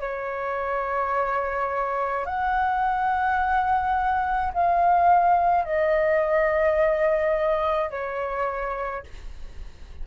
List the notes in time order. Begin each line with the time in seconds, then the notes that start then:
0.00 C#5
2.26 F#5
4.54 F5
5.65 D#5
7.90 C#5